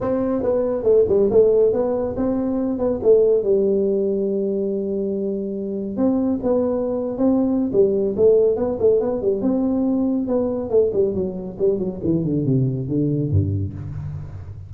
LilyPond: \new Staff \with { instrumentName = "tuba" } { \time 4/4 \tempo 4 = 140 c'4 b4 a8 g8 a4 | b4 c'4. b8 a4 | g1~ | g2 c'4 b4~ |
b8. c'4~ c'16 g4 a4 | b8 a8 b8 g8 c'2 | b4 a8 g8 fis4 g8 fis8 | e8 d8 c4 d4 g,4 | }